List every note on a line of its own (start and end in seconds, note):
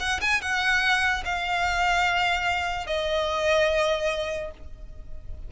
0.00 0.21 F#5
0.21 0.41 G#5
0.41 1.24 F#5
1.25 2.87 F5
2.87 4.51 D#5